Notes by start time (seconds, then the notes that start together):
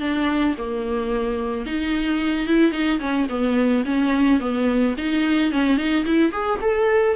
0.00 D4
0.58 A#3
1.66 D#4
2.47 E4
2.71 D#4
2.99 C#4
3.29 B3
3.85 C#4
4.40 B3
4.98 D#4
5.52 C#4
5.77 D#4
6.05 E4
6.32 G#4
6.61 A4